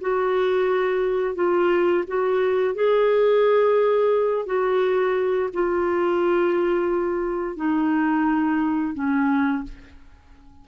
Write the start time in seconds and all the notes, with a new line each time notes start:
0.00 F#4
1.35 F4
2.07 F#4
2.74 G#4
4.45 F#4
5.53 F4
7.56 D#4
8.94 C#4